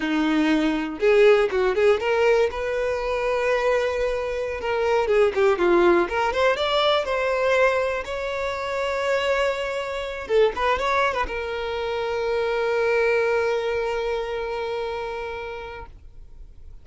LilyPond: \new Staff \with { instrumentName = "violin" } { \time 4/4 \tempo 4 = 121 dis'2 gis'4 fis'8 gis'8 | ais'4 b'2.~ | b'4~ b'16 ais'4 gis'8 g'8 f'8.~ | f'16 ais'8 c''8 d''4 c''4.~ c''16~ |
c''16 cis''2.~ cis''8.~ | cis''8. a'8 b'8 cis''8. b'16 ais'4~ ais'16~ | ais'1~ | ais'1 | }